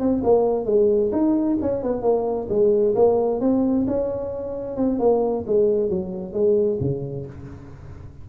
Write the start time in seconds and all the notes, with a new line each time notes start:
0.00 C4
0.24 A#3
0.66 G#3
1.13 D#4
1.62 C#4
1.83 B3
2.02 A#3
2.50 G#3
2.95 A#3
3.41 C4
3.88 C#4
4.77 C4
5.00 A#3
5.47 G#3
5.90 F#3
6.33 G#3
6.81 C#3